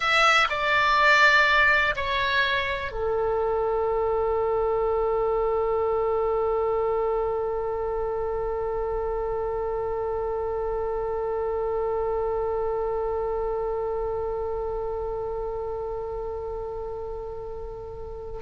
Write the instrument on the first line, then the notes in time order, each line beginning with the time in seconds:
oboe
0.00 E5
0.49 D5
1.96 C#5
2.91 A4